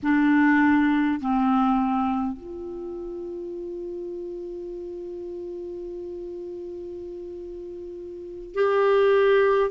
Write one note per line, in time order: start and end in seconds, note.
0.03 1.20 D4
1.20 2.37 C4
2.37 8.54 F4
8.54 9.70 G4